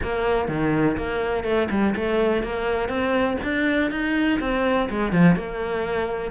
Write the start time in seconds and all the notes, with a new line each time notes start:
0.02 A#3
0.48 D#3
0.97 A#3
1.44 A3
1.70 G3
1.95 A3
2.43 A#3
2.88 C4
3.43 D4
3.90 D#4
4.39 C4
4.89 G#3
5.12 F3
5.36 A#3